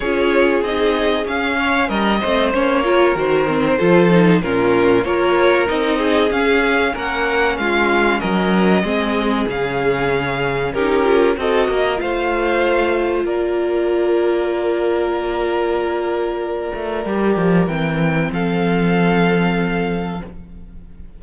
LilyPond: <<
  \new Staff \with { instrumentName = "violin" } { \time 4/4 \tempo 4 = 95 cis''4 dis''4 f''4 dis''4 | cis''4 c''2 ais'4 | cis''4 dis''4 f''4 fis''4 | f''4 dis''2 f''4~ |
f''4 ais'4 dis''4 f''4~ | f''4 d''2.~ | d''1 | g''4 f''2. | }
  \new Staff \with { instrumentName = "violin" } { \time 4/4 gis'2~ gis'8 cis''8 ais'8 c''8~ | c''8 ais'4. a'4 f'4 | ais'4. gis'4. ais'4 | f'4 ais'4 gis'2~ |
gis'4 g'4 a'8 ais'8 c''4~ | c''4 ais'2.~ | ais'1~ | ais'4 a'2. | }
  \new Staff \with { instrumentName = "viola" } { \time 4/4 f'4 dis'4 cis'4. c'8 | cis'8 f'8 fis'8 c'8 f'8 dis'8 cis'4 | f'4 dis'4 cis'2~ | cis'2 c'4 cis'4~ |
cis'4 dis'8 f'8 fis'4 f'4~ | f'1~ | f'2. g'4 | c'1 | }
  \new Staff \with { instrumentName = "cello" } { \time 4/4 cis'4 c'4 cis'4 g8 a8 | ais4 dis4 f4 ais,4 | ais4 c'4 cis'4 ais4 | gis4 fis4 gis4 cis4~ |
cis4 cis'4 c'8 ais8 a4~ | a4 ais2.~ | ais2~ ais8 a8 g8 f8 | e4 f2. | }
>>